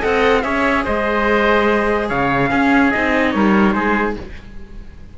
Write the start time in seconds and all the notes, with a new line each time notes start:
0.00 C4 A4 D#5 F#5
0.42 C#4 G#4 C#5 E5
0.84 G#3 C5 D#5
2.08 C#3 C#5 F5
2.49 C#4 G#4
2.91 C4 D#4 D#5
3.31 G3 A#4 C#5
3.72 G#3 G#4 C5